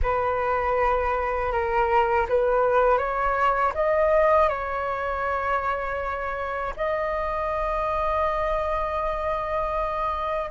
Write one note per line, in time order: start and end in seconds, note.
0.02 1.51 B4
1.51 2.26 A#4
2.28 2.98 B4
2.98 3.73 C#5
3.74 4.49 D#5
4.49 6.74 C#5
6.76 10.50 D#5